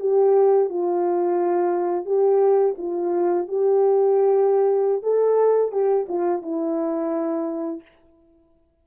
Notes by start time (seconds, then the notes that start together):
0.00 G4
0.70 F4
2.06 G4
2.78 F4
3.48 G4
5.03 A4
5.72 G4
6.09 F4
6.42 E4